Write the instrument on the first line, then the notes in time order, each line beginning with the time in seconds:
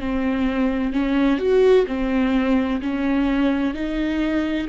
viola
0.00 C4
0.93 C#4
1.38 F#4
1.87 C4
2.82 C#4
3.74 D#4